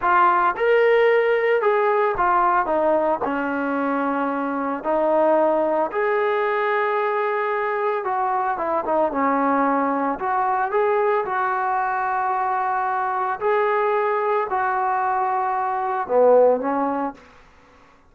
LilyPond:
\new Staff \with { instrumentName = "trombone" } { \time 4/4 \tempo 4 = 112 f'4 ais'2 gis'4 | f'4 dis'4 cis'2~ | cis'4 dis'2 gis'4~ | gis'2. fis'4 |
e'8 dis'8 cis'2 fis'4 | gis'4 fis'2.~ | fis'4 gis'2 fis'4~ | fis'2 b4 cis'4 | }